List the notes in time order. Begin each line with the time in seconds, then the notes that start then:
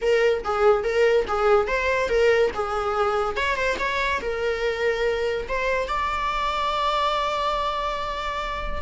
0.01 A#4
0.44 G#4
0.83 A#4
1.27 G#4
1.67 C5
2.08 A#4
2.53 G#4
3.36 C#5
3.55 C5
3.78 C#5
4.21 A#4
5.48 C5
5.88 D5